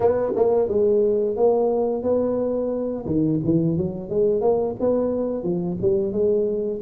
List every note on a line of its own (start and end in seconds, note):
0.00 0.32 B3
0.35 0.68 A#3
0.68 1.36 G#3
1.36 2.02 A#3
2.02 3.05 B3
3.05 3.39 D#3
3.44 3.77 E3
3.77 4.09 F#3
4.09 4.41 G#3
4.41 4.75 A#3
4.80 5.43 B3
5.43 5.77 F3
5.81 6.12 G3
6.12 6.80 G#3